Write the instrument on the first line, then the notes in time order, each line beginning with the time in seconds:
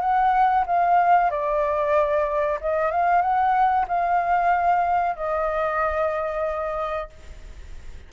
flute
0.00 F#5
0.66 F5
1.30 D5
2.61 D#5
2.91 F5
3.21 F#5
3.88 F5
5.16 D#5